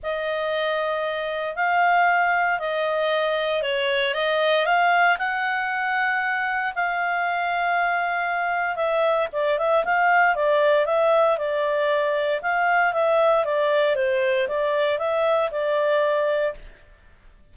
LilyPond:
\new Staff \with { instrumentName = "clarinet" } { \time 4/4 \tempo 4 = 116 dis''2. f''4~ | f''4 dis''2 cis''4 | dis''4 f''4 fis''2~ | fis''4 f''2.~ |
f''4 e''4 d''8 e''8 f''4 | d''4 e''4 d''2 | f''4 e''4 d''4 c''4 | d''4 e''4 d''2 | }